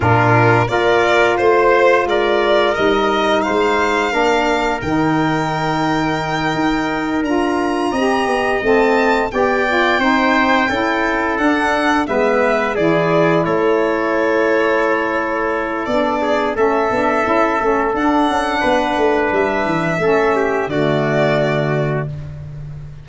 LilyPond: <<
  \new Staff \with { instrumentName = "violin" } { \time 4/4 \tempo 4 = 87 ais'4 d''4 c''4 d''4 | dis''4 f''2 g''4~ | g''2~ g''8 ais''4.~ | ais''8 a''4 g''2~ g''8~ |
g''8 fis''4 e''4 d''4 cis''8~ | cis''2. d''4 | e''2 fis''2 | e''2 d''2 | }
  \new Staff \with { instrumentName = "trumpet" } { \time 4/4 f'4 ais'4 c''4 ais'4~ | ais'4 c''4 ais'2~ | ais'2.~ ais'8 dis''8~ | dis''4. d''4 c''4 a'8~ |
a'4. b'4 gis'4 a'8~ | a'2.~ a'8 gis'8 | a'2. b'4~ | b'4 a'8 g'8 fis'2 | }
  \new Staff \with { instrumentName = "saxophone" } { \time 4/4 d'4 f'2. | dis'2 d'4 dis'4~ | dis'2~ dis'8 f'4 g'8~ | g'8 c'4 g'8 f'8 dis'4 e'8~ |
e'8 d'4 b4 e'4.~ | e'2. d'4 | cis'8 d'8 e'8 cis'8 d'2~ | d'4 cis'4 a2 | }
  \new Staff \with { instrumentName = "tuba" } { \time 4/4 ais,4 ais4 a4 gis4 | g4 gis4 ais4 dis4~ | dis4. dis'4 d'4 c'8 | b8 a4 b4 c'4 cis'8~ |
cis'8 d'4 gis4 e4 a8~ | a2. b4 | a8 b8 cis'8 a8 d'8 cis'8 b8 a8 | g8 e8 a4 d2 | }
>>